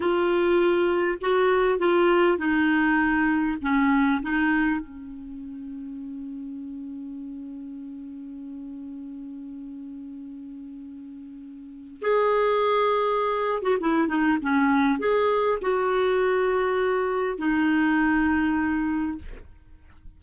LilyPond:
\new Staff \with { instrumentName = "clarinet" } { \time 4/4 \tempo 4 = 100 f'2 fis'4 f'4 | dis'2 cis'4 dis'4 | cis'1~ | cis'1~ |
cis'1 | gis'2~ gis'8. fis'16 e'8 dis'8 | cis'4 gis'4 fis'2~ | fis'4 dis'2. | }